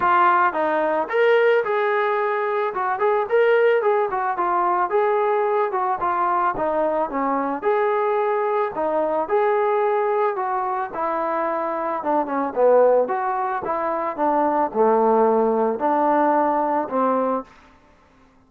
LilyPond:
\new Staff \with { instrumentName = "trombone" } { \time 4/4 \tempo 4 = 110 f'4 dis'4 ais'4 gis'4~ | gis'4 fis'8 gis'8 ais'4 gis'8 fis'8 | f'4 gis'4. fis'8 f'4 | dis'4 cis'4 gis'2 |
dis'4 gis'2 fis'4 | e'2 d'8 cis'8 b4 | fis'4 e'4 d'4 a4~ | a4 d'2 c'4 | }